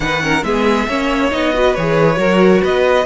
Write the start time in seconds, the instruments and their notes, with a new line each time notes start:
0.00 cello D#3, viola D#4, violin B4 F#5
0.21 viola C#4, violin A#4
0.43 cello G#3, viola B3, violin G#4 E5
0.88 cello A#3, viola C#4, violin C#5
1.31 cello B3, viola D#4, violin D#5
1.53 viola F#4, violin B4
1.74 cello E3, viola G#4, violin C#5
2.16 cello F#3, viola F#4, violin A#4
2.62 cello B3, violin B4 D#5